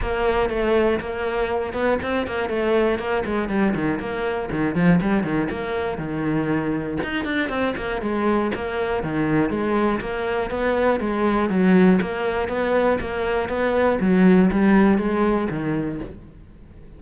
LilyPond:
\new Staff \with { instrumentName = "cello" } { \time 4/4 \tempo 4 = 120 ais4 a4 ais4. b8 | c'8 ais8 a4 ais8 gis8 g8 dis8 | ais4 dis8 f8 g8 dis8 ais4 | dis2 dis'8 d'8 c'8 ais8 |
gis4 ais4 dis4 gis4 | ais4 b4 gis4 fis4 | ais4 b4 ais4 b4 | fis4 g4 gis4 dis4 | }